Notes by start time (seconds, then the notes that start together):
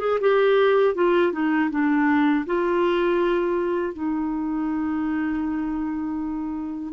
0.00 G#4
0.20 G4
0.95 F4
1.33 D#4
1.70 D4
2.46 F4
3.94 D#4